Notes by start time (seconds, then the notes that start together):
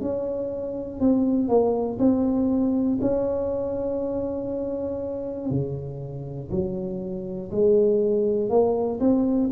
0.00 C#4
1.00 C4
1.48 A#3
1.99 C4
3.00 C#4
5.50 C#3
6.50 F#3
7.51 G#3
8.50 A#3
9.00 C4